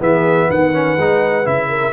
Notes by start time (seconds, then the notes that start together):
0.00 E3 B3 G#4 E5
0.49 D#3 B4 F#5
0.73 C#4
0.98 G#3 D#4
1.44 C#3 E4 E5
1.69 A#4